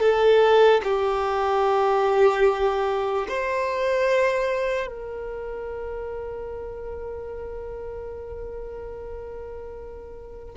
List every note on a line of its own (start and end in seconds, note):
0.00 0.81 A4
0.84 3.27 G4
3.29 4.87 C5
4.87 10.54 A#4